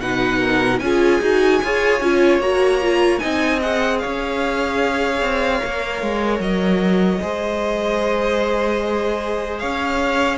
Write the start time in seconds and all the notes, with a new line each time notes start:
0.00 B2 D#4 B4 F#5
0.39 A#4
0.79 C#4 F4 G#4 G#5
1.21 D#4 F#4
1.63 F4 G#4 C#5
2.01 C#4 F4
2.38 A#3 F#4 A#5
2.81 F4
3.19 C4 D#4 D#5 G#5
3.61 G#4 F#5
3.98 C#5 F5
4.04 C#4
5.21 C4
5.59 A#3 A#4
6.02 G#3
6.39 F#3 D#5
7.21 G#3 G#4 C5
9.58 C#4 C#5 F5